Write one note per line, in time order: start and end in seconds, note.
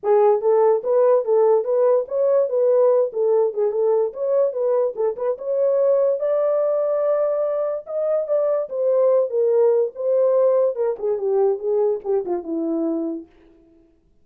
0.03 0.41 G#4
0.41 0.82 A4
0.83 1.24 B4
1.24 1.64 A4
1.64 2.05 B4
2.08 2.49 C#5
2.49 3.11 B4
3.12 3.53 A4
3.53 3.71 G#4
3.71 4.13 A4
4.13 4.52 C#5
4.52 4.94 B4
4.95 5.16 A4
5.16 5.37 B4
5.38 6.19 C#5
6.19 7.85 D5
7.86 8.27 D#5
8.27 8.68 D5
8.69 9.30 C5
9.30 9.92 A#4
9.95 10.75 C5
10.75 10.96 A#4
10.98 11.18 G#4
11.18 11.58 G4
11.58 12.00 G#4
12.04 12.24 G4
12.25 12.43 F4
12.43 13.25 E4